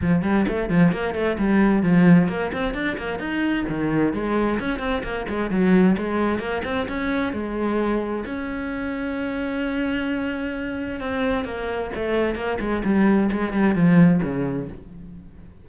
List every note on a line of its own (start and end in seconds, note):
0.01 0.22 F3
0.22 0.45 G3
0.48 0.69 A3
0.69 0.92 F3
0.92 1.14 A#3
1.14 1.37 A3
1.38 1.82 G3
1.82 2.28 F3
2.28 2.51 A#3
2.53 2.74 C4
2.74 2.96 D4
2.97 3.19 A#3
3.19 3.65 D#4
3.68 4.13 D#3
4.13 4.59 G#3
4.59 4.79 C#4
4.79 5.02 C4
5.03 5.26 A#3
5.28 5.50 G#3
5.50 5.96 F#3
5.97 6.39 G#3
6.39 6.62 A#3
6.64 6.87 C4
6.88 7.32 C#4
7.32 8.24 G#3
8.25 11.00 C#4
11.00 11.44 C4
11.44 11.90 A#3
11.95 12.35 A3
12.35 12.58 A#3
12.60 12.82 G#3
12.84 13.30 G3
13.31 13.53 G#3
13.53 13.75 G3
13.75 14.21 F3
14.22 14.68 C#3